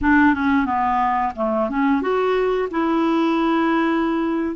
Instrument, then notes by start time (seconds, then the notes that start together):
clarinet
0.01 D4
0.34 C#4
0.65 B3
1.35 A3
1.69 C#4
2.01 F#4
2.71 E4